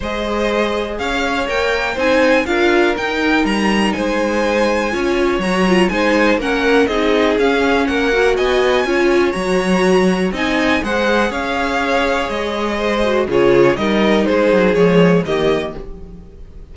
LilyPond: <<
  \new Staff \with { instrumentName = "violin" } { \time 4/4 \tempo 4 = 122 dis''2 f''4 g''4 | gis''4 f''4 g''4 ais''4 | gis''2. ais''4 | gis''4 fis''4 dis''4 f''4 |
fis''4 gis''2 ais''4~ | ais''4 gis''4 fis''4 f''4~ | f''4 dis''2 cis''4 | dis''4 c''4 cis''4 dis''4 | }
  \new Staff \with { instrumentName = "violin" } { \time 4/4 c''2 cis''2 | c''4 ais'2. | c''2 cis''2 | c''4 ais'4 gis'2 |
ais'4 dis''4 cis''2~ | cis''4 dis''4 c''4 cis''4~ | cis''2 c''4 gis'4 | ais'4 gis'2 g'4 | }
  \new Staff \with { instrumentName = "viola" } { \time 4/4 gis'2. ais'4 | dis'4 f'4 dis'2~ | dis'2 f'4 fis'8 f'8 | dis'4 cis'4 dis'4 cis'4~ |
cis'8 fis'4. f'4 fis'4~ | fis'4 dis'4 gis'2~ | gis'2~ gis'8 fis'8 f'4 | dis'2 gis4 ais4 | }
  \new Staff \with { instrumentName = "cello" } { \time 4/4 gis2 cis'4 ais4 | c'4 d'4 dis'4 g4 | gis2 cis'4 fis4 | gis4 ais4 c'4 cis'4 |
ais4 b4 cis'4 fis4~ | fis4 c'4 gis4 cis'4~ | cis'4 gis2 cis4 | g4 gis8 fis8 f4 dis4 | }
>>